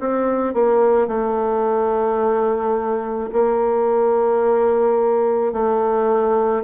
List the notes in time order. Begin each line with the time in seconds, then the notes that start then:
0.00 C4
0.54 A#3
1.08 A3
3.33 A#3
5.53 A3